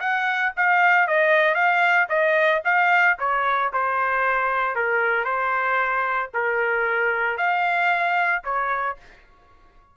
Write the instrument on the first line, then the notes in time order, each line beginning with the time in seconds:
trumpet
0.00 F#5
0.57 F5
1.07 D#5
1.55 F5
2.09 D#5
2.65 F5
3.19 C#5
3.73 C5
4.75 A#4
5.25 C5
6.34 A#4
7.37 F5
8.44 C#5